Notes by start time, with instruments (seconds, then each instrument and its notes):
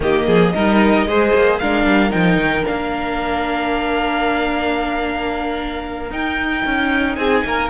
0.00 cello D#3, viola A#3, violin G4 D#5
0.26 cello F3, violin G#4
0.54 cello G3, viola D#4, violin A#4
1.06 cello G#3, viola G#4, violin C5
1.33 cello A#3
1.58 cello G#3, viola D4, violin A#4 F5
1.85 cello G3
2.09 cello F3, viola D#4, violin G5
2.36 cello D#3
2.64 cello A#3, viola D4, violin F5
6.10 cello D#4, viola D#4, violin G5
6.65 cello C#4
7.15 cello C4, violin G#4 G#5
7.44 cello A#3, violin A#4